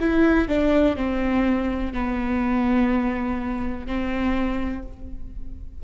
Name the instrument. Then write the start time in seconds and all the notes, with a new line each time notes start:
viola
0.00 E4
0.49 D4
0.96 C4
1.94 B3
3.87 C4